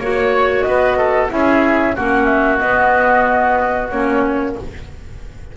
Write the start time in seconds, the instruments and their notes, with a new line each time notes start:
0.00 double bass A#3, clarinet F#4, flute C#5, oboe C#5
0.62 double bass B3, oboe B4, flute D#5
0.98 oboe A4
1.29 double bass C#4, clarinet E4, oboe G#4, flute E5
1.96 double bass A#3, clarinet C#4, oboe F#4, flute F#5
2.25 flute E5
2.59 clarinet B3, double bass B3, flute D#5
3.90 double bass A#3, clarinet C#4, flute C#5